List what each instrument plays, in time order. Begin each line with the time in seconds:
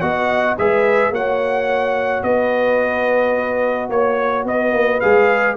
0.00 tuba B3, trombone F#4, horn D#5, trumpet F#5
0.58 tuba G#3, trombone G#4, horn B4, trumpet E5
1.11 tuba A#3, trombone F#4, horn C#5, trumpet F#5
2.23 tuba B3, horn B4, trumpet D#5
3.89 tuba A#3, trumpet C#5, horn C#5
4.45 tuba B3, horn B4, trumpet D#5
4.72 tuba A#3
5.00 tuba G#3, trombone G#4, trumpet F5